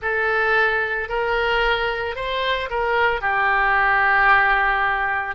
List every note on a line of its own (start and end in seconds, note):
0.02 1.09 A4
1.09 2.15 A#4
2.15 2.69 C5
2.70 3.21 A#4
3.21 5.35 G4